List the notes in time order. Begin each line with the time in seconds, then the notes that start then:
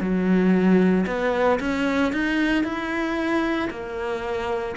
0.00 F#3
1.06 B3
1.60 C#4
2.12 D#4
2.64 E4
3.70 A#3